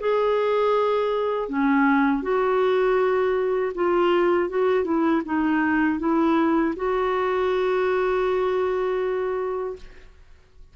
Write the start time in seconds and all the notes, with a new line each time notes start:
0.00 G#4
1.49 C#4
2.22 F#4
3.75 F4
4.49 F#4
4.84 E4
5.25 D#4
5.99 E4
6.76 F#4